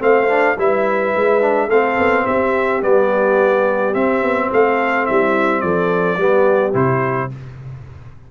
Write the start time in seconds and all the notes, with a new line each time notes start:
0.00 A3 C4 C5 F5
0.28 D4
0.58 G3 E4 B4 E5
1.16 G#3
1.41 D4
1.68 A3 C4 A4 F5
1.98 B3
2.25 C4 G4 E5
2.82 G3 B3 D5
3.94 C4 E5
4.23 B3
4.51 A3 A4 F5
5.06 G3 E4 E5
5.61 F3 A4 D5
6.17 G3 B3 G4
6.73 C3 E4 C5